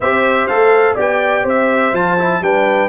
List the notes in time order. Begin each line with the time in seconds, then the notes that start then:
0.00 C4 G4 C5 E5
0.47 A3 A4 F5
0.95 B3 G4 D5 G5
1.43 C4 C5 E5
1.92 F3 F4 A5
2.18 E4
2.41 G3 D4 B4 G5